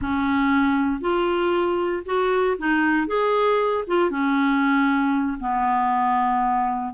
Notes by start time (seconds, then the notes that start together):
0.01 C#4
1.00 F4
2.05 F#4
2.58 D#4
3.07 G#4
3.87 F4
4.10 C#4
5.40 B3